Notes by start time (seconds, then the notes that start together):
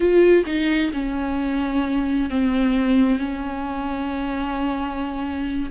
0.00 F4
0.45 D#4
0.93 C#4
2.30 C4
3.18 C#4